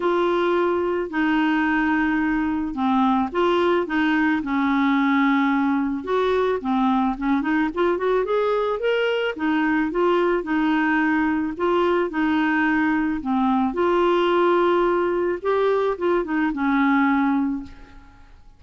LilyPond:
\new Staff \with { instrumentName = "clarinet" } { \time 4/4 \tempo 4 = 109 f'2 dis'2~ | dis'4 c'4 f'4 dis'4 | cis'2. fis'4 | c'4 cis'8 dis'8 f'8 fis'8 gis'4 |
ais'4 dis'4 f'4 dis'4~ | dis'4 f'4 dis'2 | c'4 f'2. | g'4 f'8 dis'8 cis'2 | }